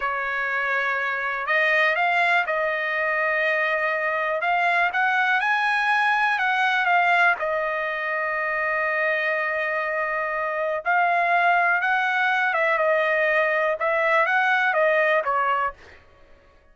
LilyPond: \new Staff \with { instrumentName = "trumpet" } { \time 4/4 \tempo 4 = 122 cis''2. dis''4 | f''4 dis''2.~ | dis''4 f''4 fis''4 gis''4~ | gis''4 fis''4 f''4 dis''4~ |
dis''1~ | dis''2 f''2 | fis''4. e''8 dis''2 | e''4 fis''4 dis''4 cis''4 | }